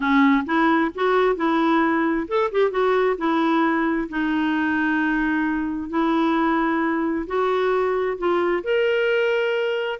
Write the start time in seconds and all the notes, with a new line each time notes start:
0.00 C#4
0.45 E4
0.94 F#4
1.36 E4
2.27 A4
2.51 G4
2.70 F#4
3.17 E4
4.09 D#4
5.89 E4
7.26 F#4
8.18 F4
8.63 A#4